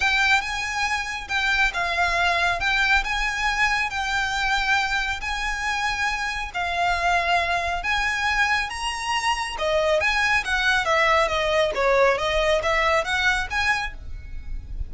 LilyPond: \new Staff \with { instrumentName = "violin" } { \time 4/4 \tempo 4 = 138 g''4 gis''2 g''4 | f''2 g''4 gis''4~ | gis''4 g''2. | gis''2. f''4~ |
f''2 gis''2 | ais''2 dis''4 gis''4 | fis''4 e''4 dis''4 cis''4 | dis''4 e''4 fis''4 gis''4 | }